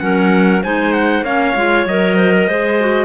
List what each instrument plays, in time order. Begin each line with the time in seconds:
0.00 cello F#3, clarinet C#4 A#4, trumpet F#5
0.64 cello G#3, clarinet D#4 C5, trumpet G#5
0.94 trumpet F#5
1.22 cello A#3, clarinet C#4 C#5, trumpet F5
1.56 cello G#3, clarinet F4
1.86 cello F#3, clarinet A#4, trumpet D#5
2.17 clarinet C5
2.33 clarinet A#4
2.48 cello G#3, clarinet G#4 C5
2.80 clarinet F#4